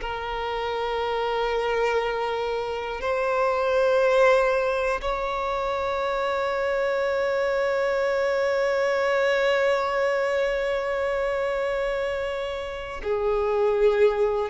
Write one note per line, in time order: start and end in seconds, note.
0.00 3.00 A#4
3.00 5.00 C5
5.00 13.00 C#5
13.03 14.50 G#4